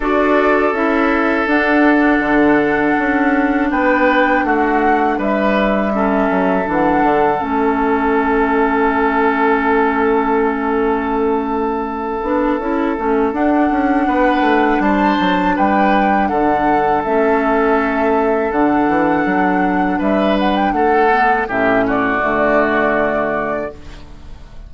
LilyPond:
<<
  \new Staff \with { instrumentName = "flute" } { \time 4/4 \tempo 4 = 81 d''4 e''4 fis''2~ | fis''4 g''4 fis''4 e''4~ | e''4 fis''4 e''2~ | e''1~ |
e''2 fis''2 | a''4 g''4 fis''4 e''4~ | e''4 fis''2 e''8 fis''16 g''16 | fis''4 e''8 d''2~ d''8 | }
  \new Staff \with { instrumentName = "oboe" } { \time 4/4 a'1~ | a'4 b'4 fis'4 b'4 | a'1~ | a'1~ |
a'2. b'4 | c''4 b'4 a'2~ | a'2. b'4 | a'4 g'8 fis'2~ fis'8 | }
  \new Staff \with { instrumentName = "clarinet" } { \time 4/4 fis'4 e'4 d'2~ | d'1 | cis'4 d'4 cis'2~ | cis'1~ |
cis'8 d'8 e'8 cis'8 d'2~ | d'2. cis'4~ | cis'4 d'2.~ | d'8 b8 cis'4 a2 | }
  \new Staff \with { instrumentName = "bassoon" } { \time 4/4 d'4 cis'4 d'4 d4 | cis'4 b4 a4 g4~ | g8 fis8 e8 d8 a2~ | a1~ |
a8 b8 cis'8 a8 d'8 cis'8 b8 a8 | g8 fis8 g4 d4 a4~ | a4 d8 e8 fis4 g4 | a4 a,4 d2 | }
>>